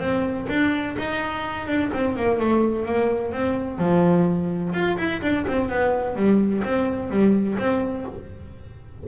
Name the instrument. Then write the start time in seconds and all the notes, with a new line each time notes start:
double bass
0.00 C4
0.50 D4
0.99 D#4
1.68 D4
1.93 C4
2.17 A#3
2.40 A3
2.86 A#3
3.33 C4
3.79 F3
4.74 F4
4.98 E4
5.22 D4
5.48 C4
5.70 B3
6.16 G3
6.64 C4
7.11 G3
7.59 C4